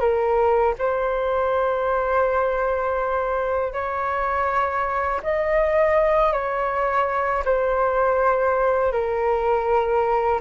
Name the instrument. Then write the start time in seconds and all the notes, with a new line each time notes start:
flute
0.00 A#4
0.78 C5
3.73 C#5
5.23 D#5
6.32 C#5
7.45 C5
8.92 A#4